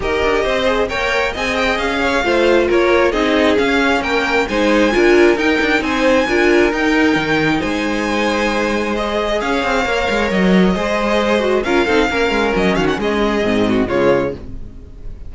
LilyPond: <<
  \new Staff \with { instrumentName = "violin" } { \time 4/4 \tempo 4 = 134 dis''2 g''4 gis''8 g''8 | f''2 cis''4 dis''4 | f''4 g''4 gis''2 | g''4 gis''2 g''4~ |
g''4 gis''2. | dis''4 f''2 dis''4~ | dis''2 f''2 | dis''8 f''16 fis''16 dis''2 cis''4 | }
  \new Staff \with { instrumentName = "violin" } { \time 4/4 ais'4 c''4 cis''4 dis''4~ | dis''8 cis''8 c''4 ais'4 gis'4~ | gis'4 ais'4 c''4 ais'4~ | ais'4 c''4 ais'2~ |
ais'4 c''2.~ | c''4 cis''2. | c''2 ais'8 a'8 ais'4~ | ais'8 fis'8 gis'4. fis'8 f'4 | }
  \new Staff \with { instrumentName = "viola" } { \time 4/4 g'4. gis'8 ais'4 gis'4~ | gis'4 f'2 dis'4 | cis'2 dis'4 f'4 | dis'2 f'4 dis'4~ |
dis'1 | gis'2 ais'2 | gis'4. fis'8 f'8 dis'8 cis'4~ | cis'2 c'4 gis4 | }
  \new Staff \with { instrumentName = "cello" } { \time 4/4 dis'8 d'8 c'4 ais4 c'4 | cis'4 a4 ais4 c'4 | cis'4 ais4 gis4 d'4 | dis'8 d'8 c'4 d'4 dis'4 |
dis4 gis2.~ | gis4 cis'8 c'8 ais8 gis8 fis4 | gis2 cis'8 c'8 ais8 gis8 | fis8 dis8 gis4 gis,4 cis4 | }
>>